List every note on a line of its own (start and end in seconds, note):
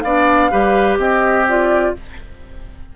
0.00 0.51 B3
0.00 0.51 D4
0.00 0.50 D5
0.00 0.95 F5
0.50 0.97 G3
0.50 1.46 G4
0.50 0.98 B4
0.97 1.92 C4
0.97 1.95 G4
0.97 1.46 D#5
1.48 1.95 F4
1.48 1.96 D5